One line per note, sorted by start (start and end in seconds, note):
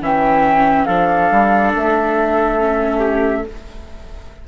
0.00 0.86 E3
0.00 0.88 C#4
0.00 0.86 E5
0.00 0.85 G5
0.85 1.30 F3
0.85 2.59 D4
0.85 2.99 A4
0.85 1.71 F5
1.31 1.73 G3
1.75 3.47 A3
1.75 3.47 E5
2.59 3.44 C#4
2.99 3.42 G4